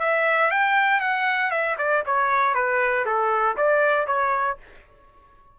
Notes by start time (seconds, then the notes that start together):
0.00 E5
0.51 G5
1.01 F#5
1.51 E5
1.78 D5
2.06 C#5
2.55 B4
3.06 A4
3.57 D5
4.07 C#5